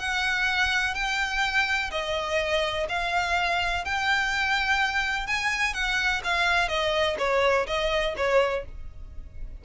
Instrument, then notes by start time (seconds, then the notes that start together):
violin
0.00 F#5
0.95 G5
1.91 D#5
2.89 F5
3.85 G5
5.27 G#5
5.74 F#5
6.24 F5
6.69 D#5
7.19 C#5
7.67 D#5
8.17 C#5